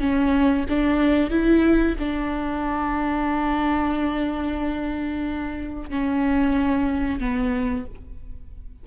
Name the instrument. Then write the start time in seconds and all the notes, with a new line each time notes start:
viola
0.00 C#4
0.69 D4
1.30 E4
1.99 D4
5.90 C#4
7.20 B3